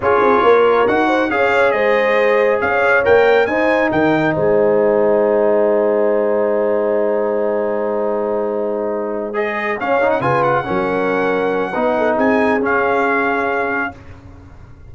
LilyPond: <<
  \new Staff \with { instrumentName = "trumpet" } { \time 4/4 \tempo 4 = 138 cis''2 fis''4 f''4 | dis''2 f''4 g''4 | gis''4 g''4 gis''2~ | gis''1~ |
gis''1~ | gis''4. dis''4 f''8. fis''16 gis''8 | fis''1 | gis''4 f''2. | }
  \new Staff \with { instrumentName = "horn" } { \time 4/4 gis'4 ais'4. c''8 cis''4 | c''2 cis''2 | c''4 ais'4 c''2~ | c''1~ |
c''1~ | c''2~ c''8 cis''4 b'8~ | b'8 ais'2~ ais'8 b'8 a'8 | gis'1 | }
  \new Staff \with { instrumentName = "trombone" } { \time 4/4 f'2 fis'4 gis'4~ | gis'2. ais'4 | dis'1~ | dis'1~ |
dis'1~ | dis'4. gis'4 cis'8 dis'8 f'8~ | f'8 cis'2~ cis'8 dis'4~ | dis'4 cis'2. | }
  \new Staff \with { instrumentName = "tuba" } { \time 4/4 cis'8 c'8 ais4 dis'4 cis'4 | gis2 cis'4 ais4 | dis'4 dis4 gis2~ | gis1~ |
gis1~ | gis2~ gis8 cis'4 cis8~ | cis8 fis2~ fis8 b4 | c'4 cis'2. | }
>>